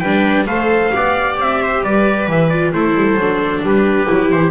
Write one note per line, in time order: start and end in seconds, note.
0.00 0.46 G3
0.00 0.47 D4
0.00 0.46 B4
0.00 0.45 G5
0.46 0.91 A3
0.46 0.92 A4
0.46 0.92 C5
0.46 1.37 F5
0.92 1.37 B3
0.92 2.50 G4
0.92 1.62 D5
1.37 1.82 C4
1.37 1.84 E5
1.62 1.83 C5
1.83 2.27 G3
1.83 2.73 B4
1.83 2.29 D5
2.27 2.72 E3
2.27 2.49 E5
2.49 2.74 F4
2.49 2.72 D5
2.73 2.95 A3
2.73 3.19 E4
2.73 3.65 A4
2.73 3.63 C5
2.95 3.15 G3
3.15 3.60 F#3
3.15 4.07 D4
3.62 4.07 G3
3.62 4.50 G4
3.62 4.31 B4
4.07 4.32 F#3
4.07 4.50 E4
4.31 4.50 E3
4.31 4.50 C5